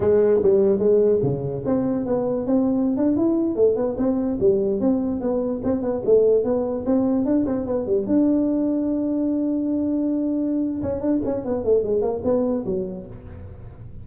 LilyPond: \new Staff \with { instrumentName = "tuba" } { \time 4/4 \tempo 4 = 147 gis4 g4 gis4 cis4 | c'4 b4 c'4~ c'16 d'8 e'16~ | e'8. a8 b8 c'4 g4 c'16~ | c'8. b4 c'8 b8 a4 b16~ |
b8. c'4 d'8 c'8 b8 g8 d'16~ | d'1~ | d'2~ d'8 cis'8 d'8 cis'8 | b8 a8 gis8 ais8 b4 fis4 | }